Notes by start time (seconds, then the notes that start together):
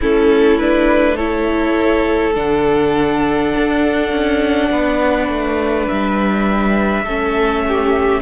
0.00 A3 C#4 E4 A4
0.58 D4 B4
1.15 E4 A4 C#5
2.35 D3 D4 F#5
3.55 D4
4.11 C#4
4.71 B3 B4
5.28 A3
5.87 G3 E5
7.03 A3 C#4 A4
7.67 G4